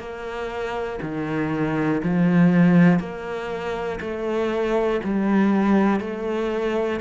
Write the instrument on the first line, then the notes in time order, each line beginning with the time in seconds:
cello
0.00 A#3
1.02 D#3
2.04 F3
3.00 A#3
4.01 A3
5.04 G3
6.01 A3